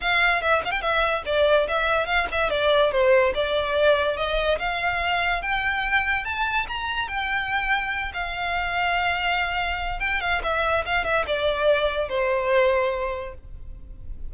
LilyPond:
\new Staff \with { instrumentName = "violin" } { \time 4/4 \tempo 4 = 144 f''4 e''8 f''16 g''16 e''4 d''4 | e''4 f''8 e''8 d''4 c''4 | d''2 dis''4 f''4~ | f''4 g''2 a''4 |
ais''4 g''2~ g''8 f''8~ | f''1 | g''8 f''8 e''4 f''8 e''8 d''4~ | d''4 c''2. | }